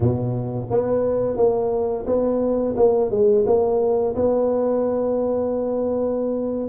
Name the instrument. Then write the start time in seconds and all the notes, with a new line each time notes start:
tuba
0.00 B2
0.70 B3
1.36 A#3
2.06 B3
2.76 A#3
3.10 G#3
3.46 A#3
4.15 B3